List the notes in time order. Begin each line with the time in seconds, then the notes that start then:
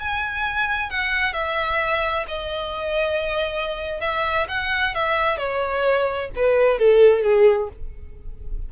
0.00 G#5
0.91 F#5
1.33 E5
2.28 D#5
4.01 E5
4.49 F#5
4.95 E5
5.38 C#5
6.36 B4
6.79 A4
7.23 G#4